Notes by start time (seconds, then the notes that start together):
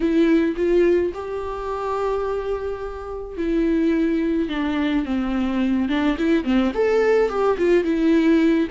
0.00 E4
0.56 F4
1.14 G4
3.37 E4
4.49 D4
5.05 C4
5.88 D4
6.17 E4
6.44 C4
6.74 A4
7.29 G4
7.58 F4
7.84 E4